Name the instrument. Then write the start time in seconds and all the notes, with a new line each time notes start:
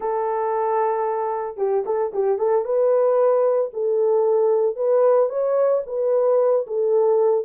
horn
0.00 A4
1.57 G4
1.85 A4
2.13 G4
2.38 A4
2.64 B4
3.73 A4
4.75 B4
5.29 C#5
5.86 B4
6.67 A4